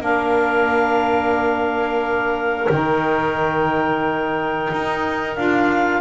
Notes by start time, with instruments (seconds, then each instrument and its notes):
0.00 double bass A#3, saxophone D4, clarinet A#4 F5
2.69 double bass D#3, saxophone D#4, clarinet G5
4.73 double bass D#4
5.36 double bass D4, saxophone F4, clarinet F5